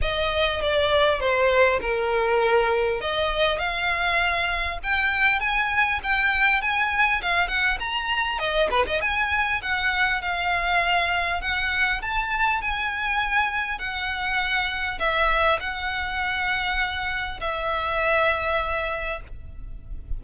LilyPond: \new Staff \with { instrumentName = "violin" } { \time 4/4 \tempo 4 = 100 dis''4 d''4 c''4 ais'4~ | ais'4 dis''4 f''2 | g''4 gis''4 g''4 gis''4 | f''8 fis''8 ais''4 dis''8 b'16 dis''16 gis''4 |
fis''4 f''2 fis''4 | a''4 gis''2 fis''4~ | fis''4 e''4 fis''2~ | fis''4 e''2. | }